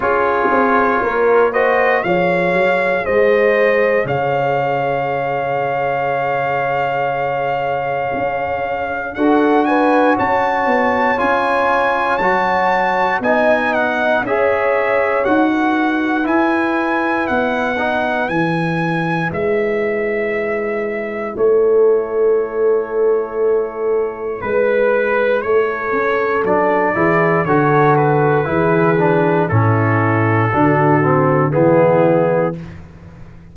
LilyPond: <<
  \new Staff \with { instrumentName = "trumpet" } { \time 4/4 \tempo 4 = 59 cis''4. dis''8 f''4 dis''4 | f''1~ | f''4 fis''8 gis''8 a''4 gis''4 | a''4 gis''8 fis''8 e''4 fis''4 |
gis''4 fis''4 gis''4 e''4~ | e''4 cis''2. | b'4 cis''4 d''4 cis''8 b'8~ | b'4 a'2 gis'4 | }
  \new Staff \with { instrumentName = "horn" } { \time 4/4 gis'4 ais'8 c''8 cis''4 c''4 | cis''1~ | cis''4 a'8 b'8 cis''2~ | cis''4 dis''4 cis''4~ cis''16 b'8.~ |
b'1~ | b'4 a'2. | b'4 a'4. gis'8 a'4 | gis'4 e'4 fis'4 e'4 | }
  \new Staff \with { instrumentName = "trombone" } { \time 4/4 f'4. fis'8 gis'2~ | gis'1~ | gis'4 fis'2 f'4 | fis'4 dis'4 gis'4 fis'4 |
e'4. dis'8 e'2~ | e'1~ | e'2 d'8 e'8 fis'4 | e'8 d'8 cis'4 d'8 c'8 b4 | }
  \new Staff \with { instrumentName = "tuba" } { \time 4/4 cis'8 c'8 ais4 f8 fis8 gis4 | cis1 | cis'4 d'4 cis'8 b8 cis'4 | fis4 b4 cis'4 dis'4 |
e'4 b4 e4 gis4~ | gis4 a2. | gis4 a8 cis'8 fis8 e8 d4 | e4 a,4 d4 e4 | }
>>